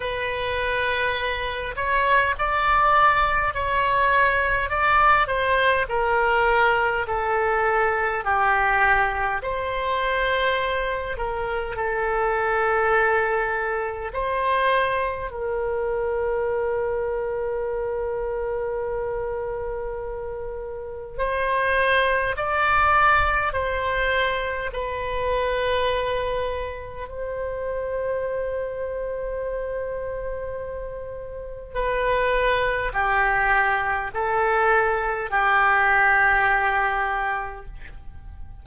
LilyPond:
\new Staff \with { instrumentName = "oboe" } { \time 4/4 \tempo 4 = 51 b'4. cis''8 d''4 cis''4 | d''8 c''8 ais'4 a'4 g'4 | c''4. ais'8 a'2 | c''4 ais'2.~ |
ais'2 c''4 d''4 | c''4 b'2 c''4~ | c''2. b'4 | g'4 a'4 g'2 | }